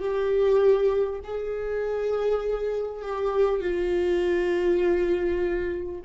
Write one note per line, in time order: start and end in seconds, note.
0.00 1.20 G4
1.24 3.03 G#4
3.03 3.62 G4
3.62 6.02 F4